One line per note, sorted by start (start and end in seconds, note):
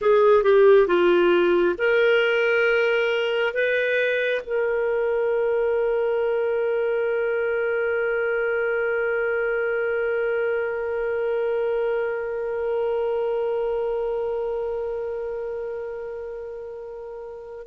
0.01 0.43 G#4
0.43 0.87 G4
0.87 1.75 F4
1.78 3.53 A#4
3.53 4.41 B4
4.43 17.66 A#4